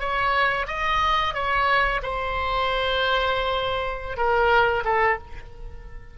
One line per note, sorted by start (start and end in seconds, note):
0.00 0.67 C#5
0.68 1.34 D#5
1.35 2.01 C#5
2.03 4.17 C5
4.17 4.84 A#4
4.85 5.18 A4